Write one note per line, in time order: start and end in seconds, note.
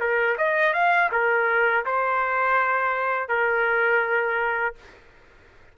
0.00 0.37 A#4
0.38 0.73 D#5
0.73 1.10 F5
1.11 1.85 A#4
1.85 3.28 C5
3.28 4.75 A#4